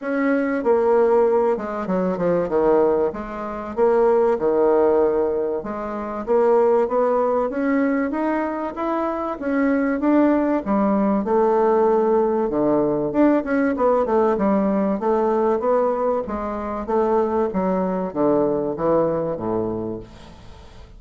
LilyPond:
\new Staff \with { instrumentName = "bassoon" } { \time 4/4 \tempo 4 = 96 cis'4 ais4. gis8 fis8 f8 | dis4 gis4 ais4 dis4~ | dis4 gis4 ais4 b4 | cis'4 dis'4 e'4 cis'4 |
d'4 g4 a2 | d4 d'8 cis'8 b8 a8 g4 | a4 b4 gis4 a4 | fis4 d4 e4 a,4 | }